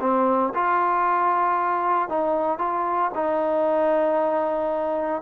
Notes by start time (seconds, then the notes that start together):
0.00 C4
0.54 F4
2.08 D#4
2.58 F4
3.14 D#4